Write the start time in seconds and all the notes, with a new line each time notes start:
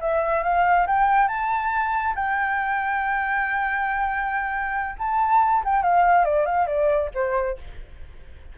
0.00 E5
0.43 F5
0.87 G5
1.28 A5
2.15 G5
4.98 A5
5.64 G5
5.82 F5
6.25 D5
6.45 F5
6.67 D5
7.14 C5